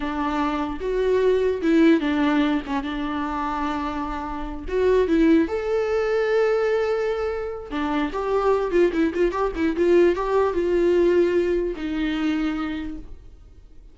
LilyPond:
\new Staff \with { instrumentName = "viola" } { \time 4/4 \tempo 4 = 148 d'2 fis'2 | e'4 d'4. cis'8 d'4~ | d'2.~ d'8 fis'8~ | fis'8 e'4 a'2~ a'8~ |
a'2. d'4 | g'4. f'8 e'8 f'8 g'8 e'8 | f'4 g'4 f'2~ | f'4 dis'2. | }